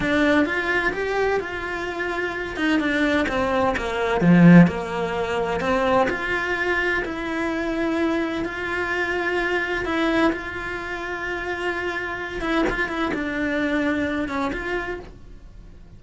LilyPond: \new Staff \with { instrumentName = "cello" } { \time 4/4 \tempo 4 = 128 d'4 f'4 g'4 f'4~ | f'4. dis'8 d'4 c'4 | ais4 f4 ais2 | c'4 f'2 e'4~ |
e'2 f'2~ | f'4 e'4 f'2~ | f'2~ f'8 e'8 f'8 e'8 | d'2~ d'8 cis'8 f'4 | }